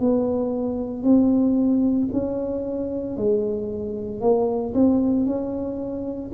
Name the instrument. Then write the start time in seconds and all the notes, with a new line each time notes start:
tuba
0.00 B3
1.03 C4
2.12 C#4
3.17 G#3
4.21 A#3
4.74 C4
5.26 C#4